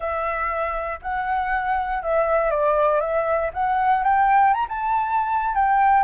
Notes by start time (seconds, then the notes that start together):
0.00 E5
1.02 F#5
2.03 E5
2.50 D5
3.00 E5
3.53 F#5
4.03 G5
4.53 A#5
4.68 A5
5.54 G5